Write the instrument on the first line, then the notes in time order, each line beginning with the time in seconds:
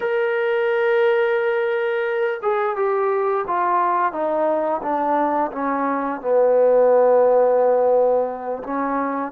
trombone
0.00 A#4
2.42 G#4
2.76 G4
3.47 F4
4.12 D#4
4.82 D4
5.52 C#4
6.21 B3
8.63 C#4